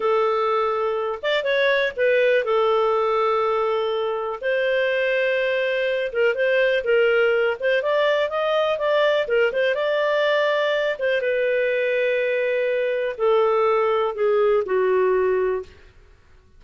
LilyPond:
\new Staff \with { instrumentName = "clarinet" } { \time 4/4 \tempo 4 = 123 a'2~ a'8 d''8 cis''4 | b'4 a'2.~ | a'4 c''2.~ | c''8 ais'8 c''4 ais'4. c''8 |
d''4 dis''4 d''4 ais'8 c''8 | d''2~ d''8 c''8 b'4~ | b'2. a'4~ | a'4 gis'4 fis'2 | }